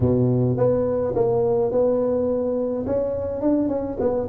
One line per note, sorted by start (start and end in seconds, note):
0.00 0.57 B2
0.57 1.14 B3
1.15 1.71 A#3
1.71 2.85 B3
2.86 3.41 C#4
3.41 3.68 D4
3.68 3.97 C#4
3.99 4.28 B3